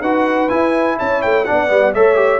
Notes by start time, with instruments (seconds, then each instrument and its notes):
0.00 tuba D#4, trombone F#4, horn B4, trumpet F#5
0.48 trombone E4, tuba E4, trumpet G#5
0.97 tuba C#4, horn C#5, trumpet A5
1.22 tuba A3, trumpet G5
1.44 trombone D4, horn D5, trumpet F#5
1.51 tuba B3
1.68 tuba G3, trombone B3
1.94 tuba A3, trombone A4, horn C#5, trumpet E5
2.15 trombone G4